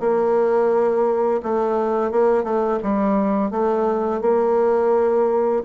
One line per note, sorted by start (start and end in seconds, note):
0.00 1.41 A#3
1.43 2.11 A3
2.11 2.44 A#3
2.44 2.79 A3
2.83 3.51 G3
3.51 4.22 A3
4.22 5.63 A#3